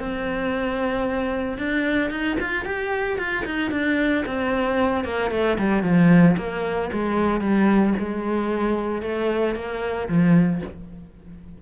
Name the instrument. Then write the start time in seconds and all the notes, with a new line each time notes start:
cello
0.00 C4
1.58 D4
2.11 D#4
2.41 F4
2.65 G4
3.19 F4
3.46 D#4
3.72 D4
4.26 C4
5.05 A#3
5.31 A3
5.59 G3
5.83 F3
6.38 A#3
6.93 G#3
7.41 G3
7.99 G#3
9.03 A3
9.56 A#3
10.09 F3